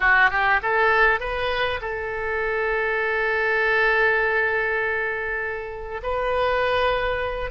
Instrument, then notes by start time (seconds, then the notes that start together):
oboe
0.00 F#4
0.30 G4
0.62 A4
1.19 B4
1.81 A4
6.02 B4